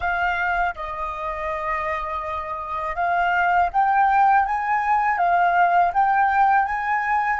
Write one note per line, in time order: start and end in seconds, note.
0.00 0.74 F5
0.75 2.95 D#5
2.95 3.69 F5
3.72 4.45 G5
4.45 5.18 G#5
5.18 5.92 F5
5.93 6.65 G5
6.65 7.39 G#5